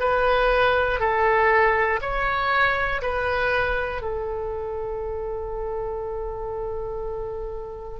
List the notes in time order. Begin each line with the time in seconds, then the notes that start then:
0.00 B4
1.00 A4
2.01 C#5
3.02 B4
4.02 A4